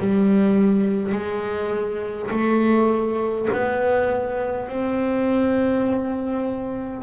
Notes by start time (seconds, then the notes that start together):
0.00 G3
1.13 G#3
2.31 A3
3.53 B3
4.69 C4